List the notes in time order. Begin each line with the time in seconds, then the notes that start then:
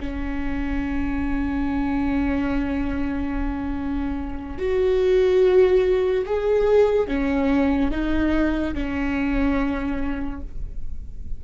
0.00 C#4
4.58 F#4
6.25 G#4
7.08 C#4
7.91 D#4
8.74 C#4